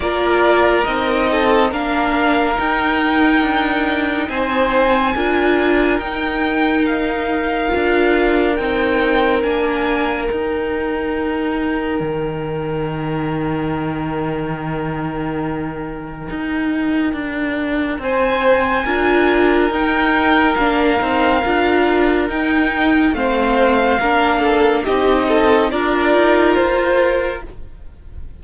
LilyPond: <<
  \new Staff \with { instrumentName = "violin" } { \time 4/4 \tempo 4 = 70 d''4 dis''4 f''4 g''4~ | g''4 gis''2 g''4 | f''2 g''4 gis''4 | g''1~ |
g''1~ | g''4 gis''2 g''4 | f''2 g''4 f''4~ | f''4 dis''4 d''4 c''4 | }
  \new Staff \with { instrumentName = "violin" } { \time 4/4 ais'4. a'8 ais'2~ | ais'4 c''4 ais'2~ | ais'1~ | ais'1~ |
ais'1~ | ais'4 c''4 ais'2~ | ais'2. c''4 | ais'8 a'8 g'8 a'8 ais'2 | }
  \new Staff \with { instrumentName = "viola" } { \time 4/4 f'4 dis'4 d'4 dis'4~ | dis'2 f'4 dis'4~ | dis'4 f'4 dis'4 d'4 | dis'1~ |
dis'1~ | dis'2 f'4 dis'4 | d'8 dis'8 f'4 dis'4 c'4 | d'4 dis'4 f'2 | }
  \new Staff \with { instrumentName = "cello" } { \time 4/4 ais4 c'4 ais4 dis'4 | d'4 c'4 d'4 dis'4~ | dis'4 d'4 c'4 ais4 | dis'2 dis2~ |
dis2. dis'4 | d'4 c'4 d'4 dis'4 | ais8 c'8 d'4 dis'4 a4 | ais4 c'4 d'8 dis'8 f'4 | }
>>